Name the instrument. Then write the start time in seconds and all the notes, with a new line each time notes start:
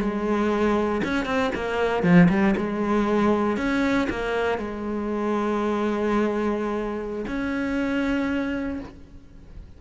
cello
0.00 G#3
1.04 C#4
1.26 C4
1.55 A#3
2.03 F3
2.29 G3
2.57 G#3
3.57 C#4
4.10 A#3
4.58 G#3
7.27 C#4